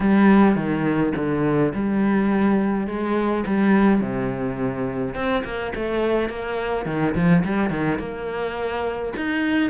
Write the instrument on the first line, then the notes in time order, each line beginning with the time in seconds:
cello
0.00 G3
0.55 D#3
1.16 D3
1.74 G3
2.87 G#3
3.46 G3
4.00 C3
5.14 C4
5.44 A#3
5.75 A3
6.29 A#3
6.85 D#3
7.15 F3
7.44 G3
7.70 D#3
7.98 A#3
9.16 D#4